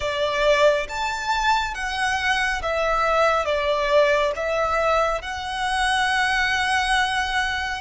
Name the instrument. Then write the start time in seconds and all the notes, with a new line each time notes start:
violin
0.00 D5
0.88 A5
1.74 F#5
2.62 E5
3.45 D5
4.35 E5
5.21 F#5